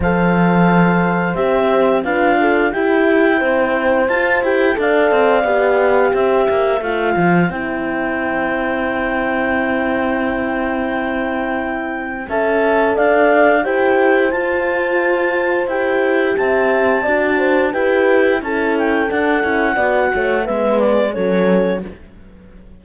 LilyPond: <<
  \new Staff \with { instrumentName = "clarinet" } { \time 4/4 \tempo 4 = 88 f''2 e''4 f''4 | g''2 a''8 g''8 f''4~ | f''4 e''4 f''4 g''4~ | g''1~ |
g''2 a''4 f''4 | g''4 a''2 g''4 | a''2 g''4 a''8 g''8 | fis''2 e''8 d''8 cis''4 | }
  \new Staff \with { instrumentName = "horn" } { \time 4/4 c''2. b'8 a'8 | g'4 c''2 d''4~ | d''4 c''2.~ | c''1~ |
c''2 e''4 d''4 | c''1 | e''4 d''8 c''8 b'4 a'4~ | a'4 d''8 cis''8 b'4 a'4 | }
  \new Staff \with { instrumentName = "horn" } { \time 4/4 a'2 g'4 f'4 | e'2 f'8 g'8 a'4 | g'2 f'4 e'4~ | e'1~ |
e'2 a'2 | g'4 f'2 g'4~ | g'4 fis'4 g'4 e'4 | d'8 e'8 fis'4 b4 cis'4 | }
  \new Staff \with { instrumentName = "cello" } { \time 4/4 f2 c'4 d'4 | e'4 c'4 f'8 e'8 d'8 c'8 | b4 c'8 ais8 a8 f8 c'4~ | c'1~ |
c'2 cis'4 d'4 | e'4 f'2 e'4 | c'4 d'4 e'4 cis'4 | d'8 cis'8 b8 a8 gis4 fis4 | }
>>